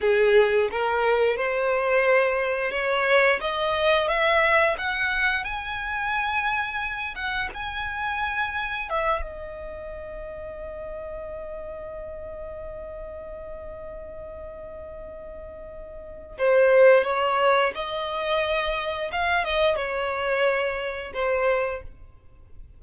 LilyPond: \new Staff \with { instrumentName = "violin" } { \time 4/4 \tempo 4 = 88 gis'4 ais'4 c''2 | cis''4 dis''4 e''4 fis''4 | gis''2~ gis''8 fis''8 gis''4~ | gis''4 e''8 dis''2~ dis''8~ |
dis''1~ | dis''1 | c''4 cis''4 dis''2 | f''8 dis''8 cis''2 c''4 | }